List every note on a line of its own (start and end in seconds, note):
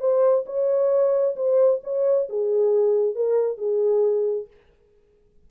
0.00 0.45 C5
0.46 1.35 C#5
1.36 1.81 C5
1.84 2.28 C#5
2.29 3.15 G#4
3.15 3.58 A#4
3.58 4.47 G#4